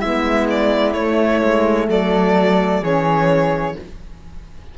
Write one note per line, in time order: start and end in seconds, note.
0.00 0.95 G#3
0.00 0.95 B3
0.00 1.88 E4
0.00 0.47 E5
0.50 0.93 D5
0.93 1.41 A3
0.93 2.82 A3
0.93 1.87 C#5
1.44 1.88 G#3
1.88 2.81 F#3
1.88 2.81 A4
1.88 2.84 D5
2.81 3.75 E3
2.81 3.76 C#4
2.81 3.75 G#4
2.81 3.78 C#5